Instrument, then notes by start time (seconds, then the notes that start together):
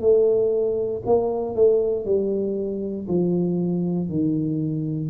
tuba
0.00 A3
1.05 A#3
1.55 A3
2.05 G3
3.08 F3
4.09 D#3